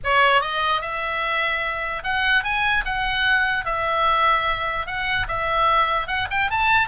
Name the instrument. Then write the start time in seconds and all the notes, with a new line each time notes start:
oboe
0.04 C#5
0.41 D#5
0.81 E5
2.03 F#5
2.43 G#5
2.85 F#5
3.65 E5
4.86 F#5
5.28 E5
6.07 F#5
6.30 G5
6.50 A5